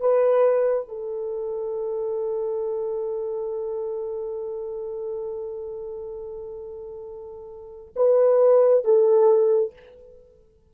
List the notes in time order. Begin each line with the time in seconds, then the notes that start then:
0.00 B4
0.88 A4
7.96 B4
8.84 A4